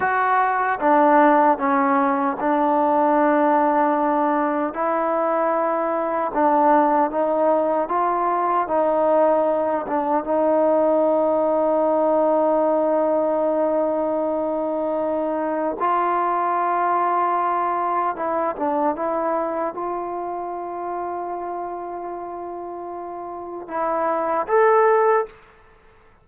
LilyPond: \new Staff \with { instrumentName = "trombone" } { \time 4/4 \tempo 4 = 76 fis'4 d'4 cis'4 d'4~ | d'2 e'2 | d'4 dis'4 f'4 dis'4~ | dis'8 d'8 dis'2.~ |
dis'1 | f'2. e'8 d'8 | e'4 f'2.~ | f'2 e'4 a'4 | }